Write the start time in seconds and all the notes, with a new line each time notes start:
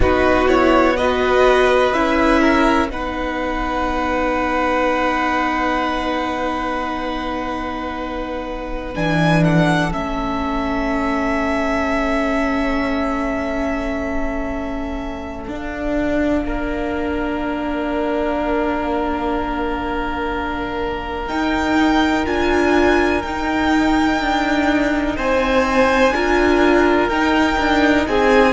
0.00 B3 D#4 F#4 B4
0.47 E4 C#5
0.96 F#4 B4 D#5
1.93 C#4 E4 E5
2.40 A#4
2.89 B3 D#4 B4 F#5
8.94 E3 D4 G#5
9.44 A4 F#5
9.91 A3 C#4 E5
15.47 D4 F5
16.45 A#3 A#4
21.27 D#4 G5
22.25 D4 F4 G#5
23.22 D#4 G5
24.20 D4
25.16 C4 C5 G#5
26.11 D4 F4 A#4
27.08 D#4 G5
27.58 D4
28.07 C4 G#4 G#5